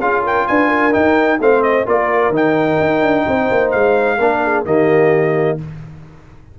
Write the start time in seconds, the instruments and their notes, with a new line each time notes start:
0.00 tuba C#4, trombone F4, horn G#4, trumpet F5
0.23 horn A#4, trumpet G5
0.47 tuba D4, horn B4, trumpet G#5
0.68 horn A#4
0.92 trombone D#4, tuba D#4, trumpet G5
1.40 tuba A3, trombone C4, horn C5, trumpet F5
1.63 trumpet D#5
1.86 tuba A#3, trombone F4, horn A#4, trumpet D5
2.30 tuba D#3, trombone D#4
2.36 trumpet G5
2.81 tuba D#4
3.02 tuba D4
3.27 tuba C4, horn C5
3.51 tuba A#3
3.71 tuba G#3, trumpet F5
4.18 tuba A#3, trombone D4, horn A#4
4.43 horn G#4
4.66 tuba D#3, trombone A#3, horn G4, trumpet D#5